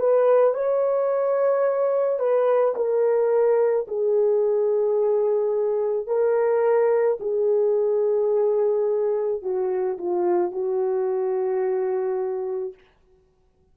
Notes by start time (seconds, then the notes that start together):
0.00 B4
0.54 C#5
2.19 B4
2.76 A#4
3.88 G#4
6.07 A#4
7.21 G#4
9.42 F#4
9.98 F4
10.52 F#4